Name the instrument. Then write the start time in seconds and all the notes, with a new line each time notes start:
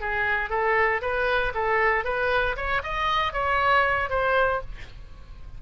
oboe
0.00 G#4
0.50 A4
1.01 B4
1.55 A4
2.04 B4
2.56 C#5
2.83 D#5
3.33 C#5
4.10 C5